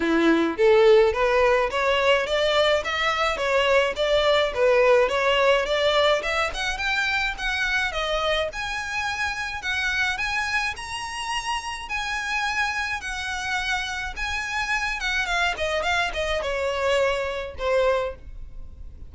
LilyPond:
\new Staff \with { instrumentName = "violin" } { \time 4/4 \tempo 4 = 106 e'4 a'4 b'4 cis''4 | d''4 e''4 cis''4 d''4 | b'4 cis''4 d''4 e''8 fis''8 | g''4 fis''4 dis''4 gis''4~ |
gis''4 fis''4 gis''4 ais''4~ | ais''4 gis''2 fis''4~ | fis''4 gis''4. fis''8 f''8 dis''8 | f''8 dis''8 cis''2 c''4 | }